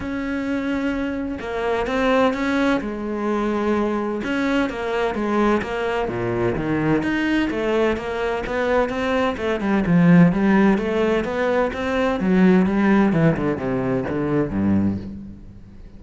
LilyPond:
\new Staff \with { instrumentName = "cello" } { \time 4/4 \tempo 4 = 128 cis'2. ais4 | c'4 cis'4 gis2~ | gis4 cis'4 ais4 gis4 | ais4 ais,4 dis4 dis'4 |
a4 ais4 b4 c'4 | a8 g8 f4 g4 a4 | b4 c'4 fis4 g4 | e8 d8 c4 d4 g,4 | }